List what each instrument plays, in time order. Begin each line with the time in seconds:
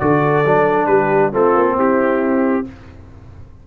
0.00 tuba D3, trombone F#4, horn A4, trumpet D5
0.45 tuba F#3, trombone D4
0.87 tuba G3, horn G4, trumpet B4
1.33 tuba A3, trombone C4, horn F4, trumpet A4
1.56 tuba A#3
1.76 tuba C4, horn E4, trumpet G4